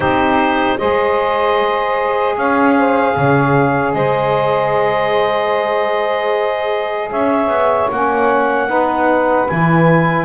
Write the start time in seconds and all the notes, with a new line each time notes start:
0.00 C4 D#4 G4 C5
0.78 G#3 G#4 C5 D#5
2.36 C#4 C#5 F5
2.77 C5
3.16 C#3 C#5
3.93 G#3 C5 D#5
7.10 C#4 C#5 E5
7.47 B3
7.91 A#3 C#4 F#5
8.68 B3 D#4 B4
9.48 E3 E4 G#5